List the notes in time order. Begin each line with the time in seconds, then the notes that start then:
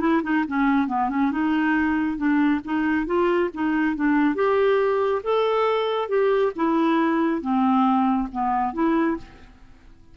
0.00 E4
0.23 D#4
0.48 C#4
0.88 B3
1.09 C#4
1.31 D#4
2.17 D4
2.65 D#4
3.06 F4
3.54 D#4
3.96 D4
4.35 G4
5.23 A4
6.08 G4
6.56 E4
7.41 C4
8.32 B3
8.73 E4